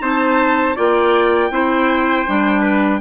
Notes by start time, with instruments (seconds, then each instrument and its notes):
0.00 bassoon C4, clarinet D#4, trumpet C5, violin A5
0.76 bassoon A#3, clarinet F4, trumpet D5, violin G5
1.51 bassoon C4, clarinet E4, trumpet C5
2.27 bassoon G3, clarinet D4
2.61 trumpet B4